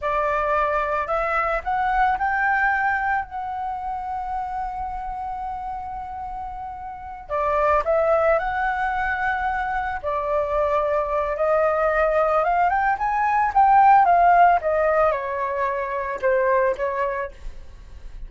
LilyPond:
\new Staff \with { instrumentName = "flute" } { \time 4/4 \tempo 4 = 111 d''2 e''4 fis''4 | g''2 fis''2~ | fis''1~ | fis''4. d''4 e''4 fis''8~ |
fis''2~ fis''8 d''4.~ | d''4 dis''2 f''8 g''8 | gis''4 g''4 f''4 dis''4 | cis''2 c''4 cis''4 | }